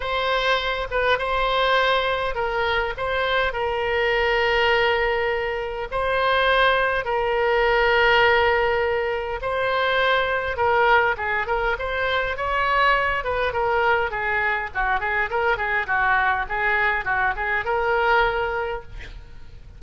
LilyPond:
\new Staff \with { instrumentName = "oboe" } { \time 4/4 \tempo 4 = 102 c''4. b'8 c''2 | ais'4 c''4 ais'2~ | ais'2 c''2 | ais'1 |
c''2 ais'4 gis'8 ais'8 | c''4 cis''4. b'8 ais'4 | gis'4 fis'8 gis'8 ais'8 gis'8 fis'4 | gis'4 fis'8 gis'8 ais'2 | }